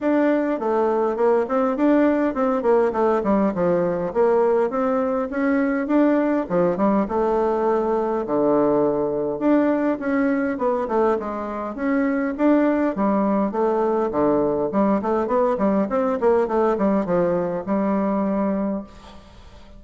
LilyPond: \new Staff \with { instrumentName = "bassoon" } { \time 4/4 \tempo 4 = 102 d'4 a4 ais8 c'8 d'4 | c'8 ais8 a8 g8 f4 ais4 | c'4 cis'4 d'4 f8 g8 | a2 d2 |
d'4 cis'4 b8 a8 gis4 | cis'4 d'4 g4 a4 | d4 g8 a8 b8 g8 c'8 ais8 | a8 g8 f4 g2 | }